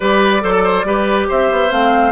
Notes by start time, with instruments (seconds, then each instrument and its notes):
0.00 bassoon G3, clarinet G4, oboe B4, flute D5
0.40 bassoon F#3, clarinet A4, oboe C5
0.51 oboe A4
0.64 oboe C5
0.84 bassoon G3, clarinet G4, oboe B4
1.28 bassoon C4, oboe C5, flute E5
1.51 bassoon B3
1.69 bassoon A3, clarinet C4, flute F5